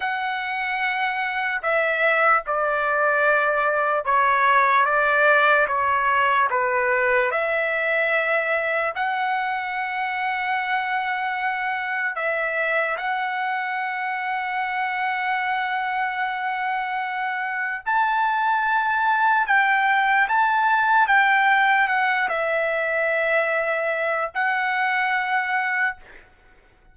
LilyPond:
\new Staff \with { instrumentName = "trumpet" } { \time 4/4 \tempo 4 = 74 fis''2 e''4 d''4~ | d''4 cis''4 d''4 cis''4 | b'4 e''2 fis''4~ | fis''2. e''4 |
fis''1~ | fis''2 a''2 | g''4 a''4 g''4 fis''8 e''8~ | e''2 fis''2 | }